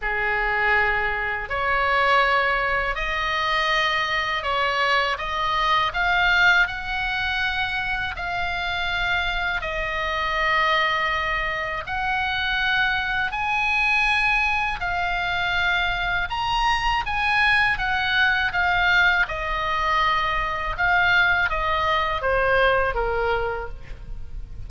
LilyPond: \new Staff \with { instrumentName = "oboe" } { \time 4/4 \tempo 4 = 81 gis'2 cis''2 | dis''2 cis''4 dis''4 | f''4 fis''2 f''4~ | f''4 dis''2. |
fis''2 gis''2 | f''2 ais''4 gis''4 | fis''4 f''4 dis''2 | f''4 dis''4 c''4 ais'4 | }